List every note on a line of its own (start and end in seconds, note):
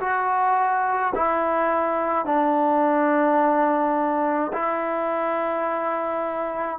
0.00 1.13 F#4
1.15 2.26 E4
2.26 4.52 D4
4.53 6.79 E4